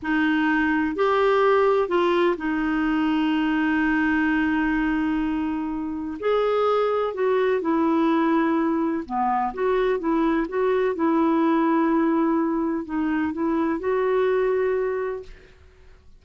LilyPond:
\new Staff \with { instrumentName = "clarinet" } { \time 4/4 \tempo 4 = 126 dis'2 g'2 | f'4 dis'2.~ | dis'1~ | dis'4 gis'2 fis'4 |
e'2. b4 | fis'4 e'4 fis'4 e'4~ | e'2. dis'4 | e'4 fis'2. | }